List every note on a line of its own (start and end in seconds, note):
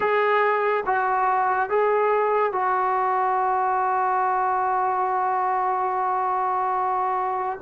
0.00 0.83 G#4
0.86 1.69 F#4
1.69 2.52 G#4
2.52 7.59 F#4